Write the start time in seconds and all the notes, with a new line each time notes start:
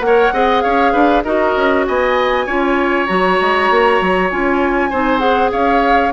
0.00 A#3 A#4 C#5 F#5
0.33 C4 G#4 D#5
0.61 C#4 C#5 F5
0.93 D4 B4
1.24 D#4 F#4 A#4 D#5
1.57 C#4
1.87 B3 D#5 G#5
2.46 C#4 F4 C#5
3.06 F#3 F#4 A#5
3.41 G#3
3.70 A#3
4.01 F#3
4.30 C#4 F4 G#5
4.90 C4 D#4 C5
5.19 G#4 F#5
5.52 C#4 C#5 F5